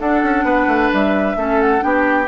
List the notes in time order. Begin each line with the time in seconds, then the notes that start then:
0.00 D4 A4 F#5
0.24 C#4
0.44 B3 B4
0.68 A3
0.93 G3 E5
1.37 A3 C#4 A4
1.62 F#5
1.80 B3 D4 G4 G5